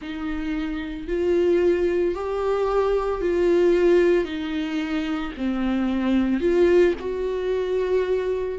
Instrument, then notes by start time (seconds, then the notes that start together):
viola
0.01 D#4
1.07 F4
2.14 G4
3.21 F4
4.25 D#4
5.37 C4
6.40 F4
6.99 F#4